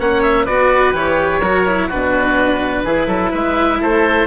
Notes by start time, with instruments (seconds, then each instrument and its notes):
0.00 bassoon A#3, cello C#4, oboe C#5 F#5
0.23 oboe E5
0.45 bassoon B3, cello F#4, oboe B4 D5
0.94 bassoon E3, cello G4, oboe C#5
1.40 bassoon F#3, cello F#4, oboe A#4
1.67 cello E4
1.88 bassoon B2, cello D4, oboe F#4 B4
2.85 bassoon E3, cello E4, oboe G#4
3.07 bassoon F#3, oboe A4
3.31 bassoon G#3, oboe B4 E5
3.81 bassoon A3, oboe A4 C5